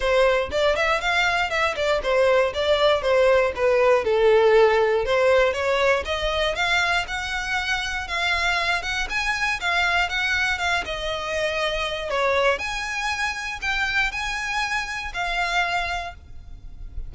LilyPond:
\new Staff \with { instrumentName = "violin" } { \time 4/4 \tempo 4 = 119 c''4 d''8 e''8 f''4 e''8 d''8 | c''4 d''4 c''4 b'4 | a'2 c''4 cis''4 | dis''4 f''4 fis''2 |
f''4. fis''8 gis''4 f''4 | fis''4 f''8 dis''2~ dis''8 | cis''4 gis''2 g''4 | gis''2 f''2 | }